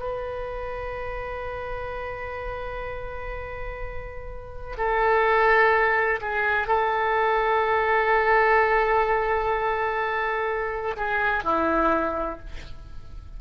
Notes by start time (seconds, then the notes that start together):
0.00 B4
4.77 A4
6.21 G#4
6.68 A4
10.97 G#4
11.44 E4